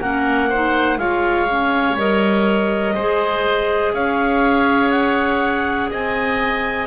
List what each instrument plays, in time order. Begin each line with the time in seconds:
0.00 double bass A#3, clarinet C#4 F#5, oboe A#4
0.50 clarinet D#4, oboe C5
0.98 double bass G#3, clarinet F4 F5, oboe C#5
1.49 clarinet C#4
1.97 double bass G3, clarinet A#4 D#5
2.95 double bass G#3, clarinet G#4, oboe C5
3.94 double bass C#4, oboe C#5, clarinet F5
4.91 clarinet F#5
5.91 double bass C4, oboe D#5, clarinet G#5